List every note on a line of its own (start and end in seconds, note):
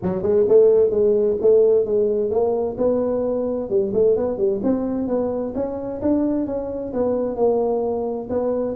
0.02 0.22 F#3
0.22 0.45 G#3
0.48 0.90 A3
0.90 1.36 G#3
1.41 1.85 A3
1.85 2.30 G#3
2.30 2.76 A#3
2.77 3.69 B3
3.69 3.92 G3
3.93 4.16 A3
4.16 4.37 B3
4.37 4.60 G3
4.63 5.07 C4
5.07 5.53 B3
5.54 6.01 C#4
6.01 6.46 D4
6.46 6.92 C#4
6.93 7.36 B3
7.36 8.28 A#3
8.29 8.75 B3